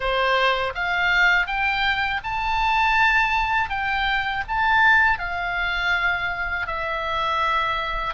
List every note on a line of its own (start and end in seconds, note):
0.00 0.73 C5
0.74 1.46 F5
1.46 2.21 G5
2.23 3.69 A5
3.69 4.43 G5
4.48 5.19 A5
5.19 6.66 F5
6.66 8.14 E5